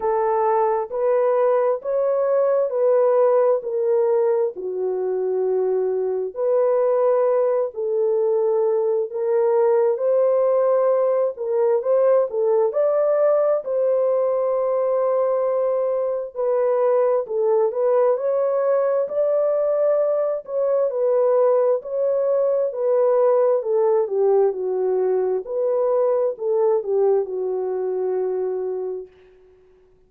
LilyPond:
\new Staff \with { instrumentName = "horn" } { \time 4/4 \tempo 4 = 66 a'4 b'4 cis''4 b'4 | ais'4 fis'2 b'4~ | b'8 a'4. ais'4 c''4~ | c''8 ais'8 c''8 a'8 d''4 c''4~ |
c''2 b'4 a'8 b'8 | cis''4 d''4. cis''8 b'4 | cis''4 b'4 a'8 g'8 fis'4 | b'4 a'8 g'8 fis'2 | }